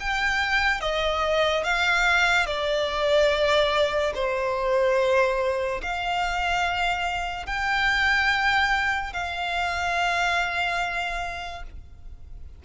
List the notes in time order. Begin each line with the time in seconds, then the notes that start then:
0.00 G5
0.81 D#5
1.64 F5
2.47 D5
4.15 C5
5.83 F5
7.47 G5
9.14 F5